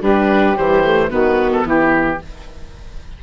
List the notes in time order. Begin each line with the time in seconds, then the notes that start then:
0.00 G3 D4 G4 B4
0.55 E3 G3 C5
0.85 A3
1.10 D#3 B3 F#4 B4
1.53 A4
1.64 E3 E4 G4